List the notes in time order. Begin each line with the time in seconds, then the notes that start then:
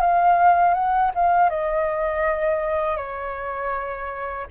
0.00 F5
0.73 F#5
1.15 F5
1.49 D#5
2.97 C#5